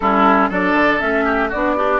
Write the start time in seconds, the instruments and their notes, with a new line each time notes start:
0.00 bassoon G3, clarinet C#4, oboe E4, flute A4
0.49 bassoon F#3, clarinet D4, oboe A4, flute D5
0.73 bassoon D3
0.99 bassoon A3, clarinet C#4, flute E5
1.25 oboe G4
1.48 bassoon B3, clarinet D4, oboe F#4, flute D5
1.76 oboe D4, clarinet G4